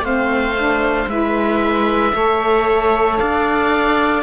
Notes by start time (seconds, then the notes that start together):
0.00 A3 C4 C5 F5
0.56 D4
1.07 G#3 E4 B4 E5
2.13 A3 A4 C#5
3.18 D4 D5 F5